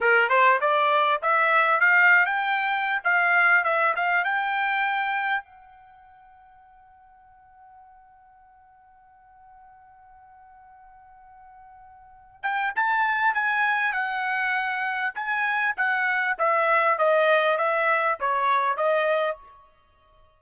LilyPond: \new Staff \with { instrumentName = "trumpet" } { \time 4/4 \tempo 4 = 99 ais'8 c''8 d''4 e''4 f''8. g''16~ | g''4 f''4 e''8 f''8 g''4~ | g''4 fis''2.~ | fis''1~ |
fis''1~ | fis''8 g''8 a''4 gis''4 fis''4~ | fis''4 gis''4 fis''4 e''4 | dis''4 e''4 cis''4 dis''4 | }